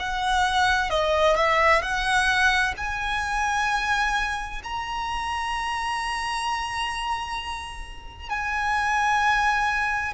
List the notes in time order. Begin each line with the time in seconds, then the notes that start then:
0.00 F#5
0.91 D#5
1.36 E5
1.82 F#5
2.78 G#5
4.64 A#5
8.30 G#5